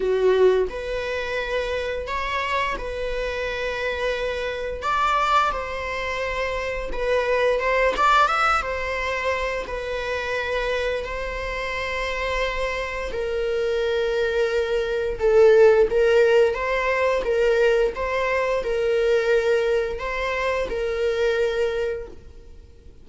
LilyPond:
\new Staff \with { instrumentName = "viola" } { \time 4/4 \tempo 4 = 87 fis'4 b'2 cis''4 | b'2. d''4 | c''2 b'4 c''8 d''8 | e''8 c''4. b'2 |
c''2. ais'4~ | ais'2 a'4 ais'4 | c''4 ais'4 c''4 ais'4~ | ais'4 c''4 ais'2 | }